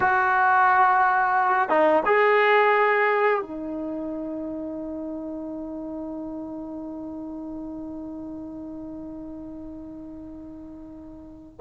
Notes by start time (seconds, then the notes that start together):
0.00 F#4
1.69 D#4
2.05 G#4
3.41 D#4